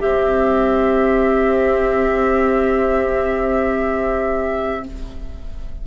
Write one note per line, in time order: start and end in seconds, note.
0.00 4.87 C4
0.00 4.84 G4
0.00 4.85 E5